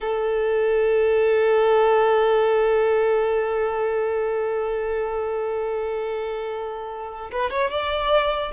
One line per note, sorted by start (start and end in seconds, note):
0.01 7.30 A4
7.31 7.50 B4
7.50 7.70 C#5
7.70 8.51 D5